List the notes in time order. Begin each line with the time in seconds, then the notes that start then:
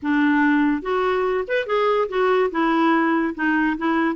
0.02 D4
0.81 F#4
1.47 B4
1.66 G#4
2.08 F#4
2.51 E4
3.34 D#4
3.77 E4